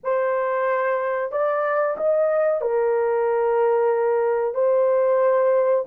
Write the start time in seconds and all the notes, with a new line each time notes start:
0.03 C5
1.31 D5
1.97 D#5
2.61 A#4
4.54 C5